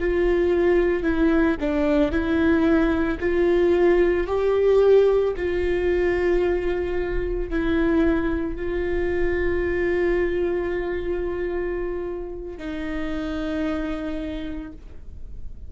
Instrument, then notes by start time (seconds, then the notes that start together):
viola
0.00 F4
1.03 E4
1.60 D4
2.11 E4
3.20 F4
4.27 G4
5.37 F4
7.50 E4
8.57 F4
12.58 D#4